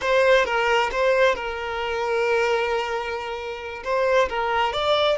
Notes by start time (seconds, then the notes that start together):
0.01 C5
0.45 A#4
0.91 C5
1.35 A#4
3.83 C5
4.29 A#4
4.72 D5